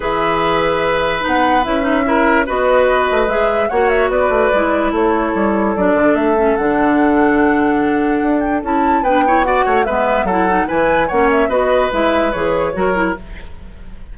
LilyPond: <<
  \new Staff \with { instrumentName = "flute" } { \time 4/4 \tempo 4 = 146 e''2. fis''4 | e''2 dis''2 | e''4 fis''8 e''8 d''2 | cis''2 d''4 e''4 |
fis''1~ | fis''8 g''8 a''4 g''4 fis''4 | e''4 fis''4 gis''4 fis''8 e''8 | dis''4 e''4 cis''2 | }
  \new Staff \with { instrumentName = "oboe" } { \time 4/4 b'1~ | b'4 ais'4 b'2~ | b'4 cis''4 b'2 | a'1~ |
a'1~ | a'2 b'8 cis''8 d''8 cis''8 | b'4 a'4 b'4 cis''4 | b'2. ais'4 | }
  \new Staff \with { instrumentName = "clarinet" } { \time 4/4 gis'2. dis'4 | e'8 dis'8 e'4 fis'2 | gis'4 fis'2 e'4~ | e'2 d'4. cis'8 |
d'1~ | d'4 e'4 d'8 e'8 fis'4 | b4 e'8 dis'8 e'4 cis'4 | fis'4 e'4 gis'4 fis'8 e'8 | }
  \new Staff \with { instrumentName = "bassoon" } { \time 4/4 e2. b4 | cis'2 b4. a8 | gis4 ais4 b8 a8 gis4 | a4 g4 fis8 d8 a4 |
d1 | d'4 cis'4 b4. a8 | gis4 fis4 e4 ais4 | b4 gis4 e4 fis4 | }
>>